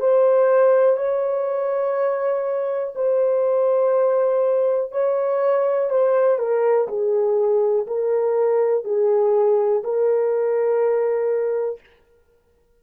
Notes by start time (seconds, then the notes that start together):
0.00 C5
0.97 C#5
2.95 C5
4.91 C#5
5.90 C5
6.38 A#4
6.88 G#4
7.87 A#4
8.84 G#4
9.83 A#4